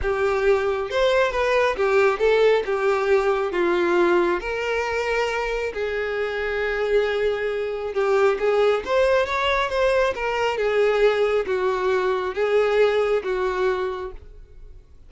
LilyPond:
\new Staff \with { instrumentName = "violin" } { \time 4/4 \tempo 4 = 136 g'2 c''4 b'4 | g'4 a'4 g'2 | f'2 ais'2~ | ais'4 gis'2.~ |
gis'2 g'4 gis'4 | c''4 cis''4 c''4 ais'4 | gis'2 fis'2 | gis'2 fis'2 | }